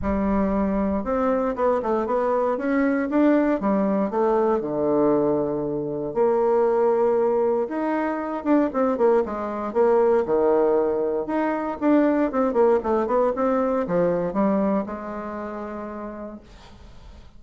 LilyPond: \new Staff \with { instrumentName = "bassoon" } { \time 4/4 \tempo 4 = 117 g2 c'4 b8 a8 | b4 cis'4 d'4 g4 | a4 d2. | ais2. dis'4~ |
dis'8 d'8 c'8 ais8 gis4 ais4 | dis2 dis'4 d'4 | c'8 ais8 a8 b8 c'4 f4 | g4 gis2. | }